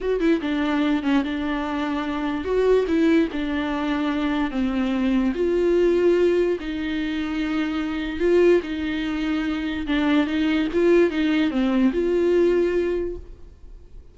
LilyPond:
\new Staff \with { instrumentName = "viola" } { \time 4/4 \tempo 4 = 146 fis'8 e'8 d'4. cis'8 d'4~ | d'2 fis'4 e'4 | d'2. c'4~ | c'4 f'2. |
dis'1 | f'4 dis'2. | d'4 dis'4 f'4 dis'4 | c'4 f'2. | }